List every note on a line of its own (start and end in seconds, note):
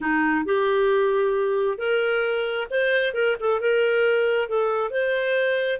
0.00 0.45 D#4
0.45 1.78 G4
1.78 2.67 A#4
2.70 3.13 C5
3.13 3.36 A#4
3.39 3.60 A4
3.60 4.48 A#4
4.48 4.90 A4
4.90 5.80 C5